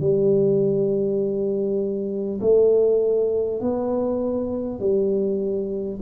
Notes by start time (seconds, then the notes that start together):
0.00 G3
2.41 A3
3.61 B3
4.80 G3